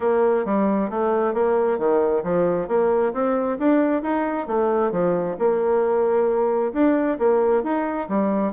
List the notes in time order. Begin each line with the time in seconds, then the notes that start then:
0.00 A#3
0.45 G3
0.90 A3
1.34 A#3
1.78 D#3
2.23 F3
2.68 A#3
3.13 C4
3.58 D4
4.02 D#4
4.47 A3
4.91 F3
5.38 A#3
6.73 D4
7.19 A#3
7.63 D#4
8.08 G3